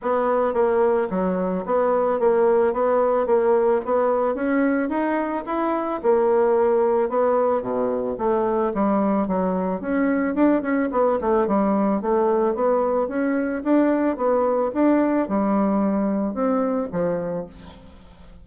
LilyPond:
\new Staff \with { instrumentName = "bassoon" } { \time 4/4 \tempo 4 = 110 b4 ais4 fis4 b4 | ais4 b4 ais4 b4 | cis'4 dis'4 e'4 ais4~ | ais4 b4 b,4 a4 |
g4 fis4 cis'4 d'8 cis'8 | b8 a8 g4 a4 b4 | cis'4 d'4 b4 d'4 | g2 c'4 f4 | }